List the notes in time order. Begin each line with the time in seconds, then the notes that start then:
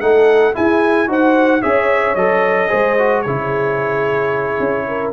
0.00 A3 D#4 A4 F#5
0.53 E4 G#4 G#5
1.07 D#4 F#4 C5 F#5
1.61 C#4 G#4 C#5 E5
2.15 F#3 A4 D#5
2.68 G#3 G#4 C5
2.98 F#4
3.22 C#3 E4 G#4 C#5
4.60 C#4
4.87 A#4